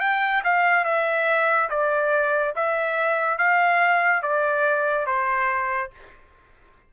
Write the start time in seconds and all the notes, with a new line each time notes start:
0.00 G5
0.44 F5
0.85 E5
1.70 D5
2.55 E5
3.38 F5
4.23 D5
5.06 C5